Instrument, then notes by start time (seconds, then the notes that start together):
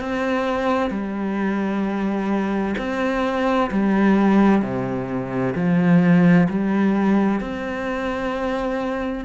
cello
0.00 C4
0.90 G3
2.78 C4
3.71 G3
4.62 C3
5.56 F3
6.49 G3
7.41 C4